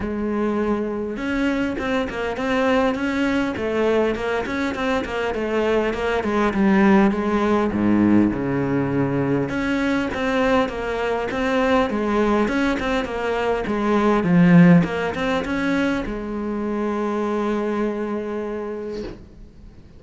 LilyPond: \new Staff \with { instrumentName = "cello" } { \time 4/4 \tempo 4 = 101 gis2 cis'4 c'8 ais8 | c'4 cis'4 a4 ais8 cis'8 | c'8 ais8 a4 ais8 gis8 g4 | gis4 gis,4 cis2 |
cis'4 c'4 ais4 c'4 | gis4 cis'8 c'8 ais4 gis4 | f4 ais8 c'8 cis'4 gis4~ | gis1 | }